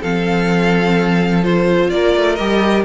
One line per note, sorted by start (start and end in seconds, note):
0.00 1.91 F3
0.00 1.42 C4
0.00 1.89 A4
0.00 1.43 F5
1.42 2.37 F4
1.42 1.90 C5
1.90 2.14 A#3
1.90 2.84 A#4
1.90 2.35 D5
2.15 2.39 A3
2.35 2.84 G3
2.35 2.84 G4
2.35 2.82 D#5